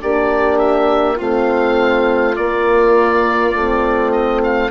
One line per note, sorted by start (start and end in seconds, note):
0.00 1.21 A#3
0.00 1.18 D4
0.00 1.17 G4
0.00 0.59 D5
0.59 1.17 E5
1.17 2.38 A3
1.17 2.37 C4
1.17 4.70 F4
1.17 2.36 F5
2.36 3.55 A#3
2.36 3.54 A#3
2.36 4.12 D5
3.54 4.71 A3
3.54 4.71 C4
4.12 4.41 D#5
4.44 4.71 F5